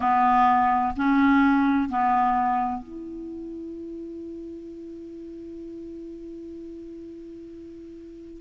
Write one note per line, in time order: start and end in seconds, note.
0.00 0.94 B3
0.96 1.89 C#4
1.89 2.83 B3
2.83 8.41 E4